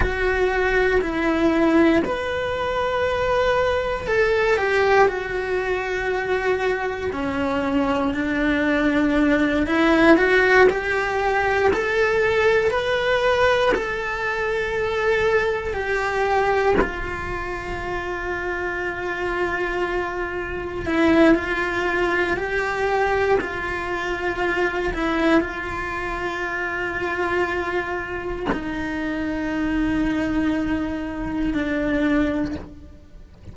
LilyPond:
\new Staff \with { instrumentName = "cello" } { \time 4/4 \tempo 4 = 59 fis'4 e'4 b'2 | a'8 g'8 fis'2 cis'4 | d'4. e'8 fis'8 g'4 a'8~ | a'8 b'4 a'2 g'8~ |
g'8 f'2.~ f'8~ | f'8 e'8 f'4 g'4 f'4~ | f'8 e'8 f'2. | dis'2. d'4 | }